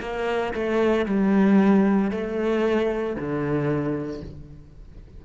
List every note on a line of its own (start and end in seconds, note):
0.00 0.53 A#3
0.54 1.05 A3
1.05 2.11 G3
2.11 3.16 A3
3.16 4.21 D3